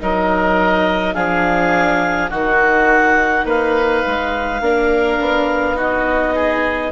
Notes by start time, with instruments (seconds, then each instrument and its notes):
0.00 bassoon F#3, viola D#4, oboe A#4, clarinet D#5
1.14 bassoon F3, viola D4, oboe G#4, clarinet F5
2.31 bassoon D#3, viola D#4, oboe F#4, clarinet F#5
3.45 bassoon A#3, oboe B4, clarinet F5
4.07 bassoon G#3
4.61 bassoon A#3, viola D4, oboe A#4
5.20 bassoon B3
5.75 viola D#4, oboe F#4, clarinet D#5
6.35 oboe G#4